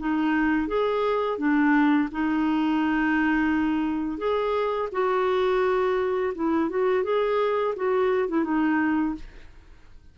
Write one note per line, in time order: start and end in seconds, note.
0.00 0.68 D#4
0.68 1.39 G#4
1.39 2.09 D4
2.12 4.18 D#4
4.18 4.89 G#4
4.93 6.34 F#4
6.35 6.70 E4
6.70 7.04 F#4
7.04 7.75 G#4
7.76 8.29 F#4
8.29 8.44 E4
8.44 9.15 D#4